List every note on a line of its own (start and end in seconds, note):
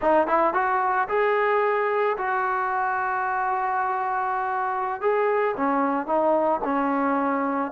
0.01 0.27 D#4
0.27 0.53 E4
0.53 1.07 F#4
1.08 2.16 G#4
2.17 5.01 F#4
5.01 5.55 G#4
5.57 6.06 C#4
6.06 6.60 D#4
6.63 7.71 C#4